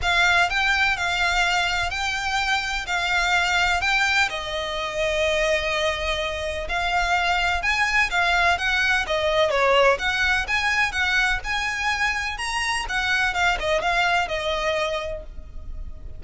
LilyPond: \new Staff \with { instrumentName = "violin" } { \time 4/4 \tempo 4 = 126 f''4 g''4 f''2 | g''2 f''2 | g''4 dis''2.~ | dis''2 f''2 |
gis''4 f''4 fis''4 dis''4 | cis''4 fis''4 gis''4 fis''4 | gis''2 ais''4 fis''4 | f''8 dis''8 f''4 dis''2 | }